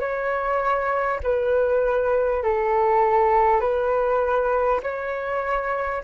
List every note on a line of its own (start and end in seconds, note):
0.00 1.20 C#5
1.23 2.43 B4
2.43 3.60 A4
3.60 4.80 B4
4.83 6.03 C#5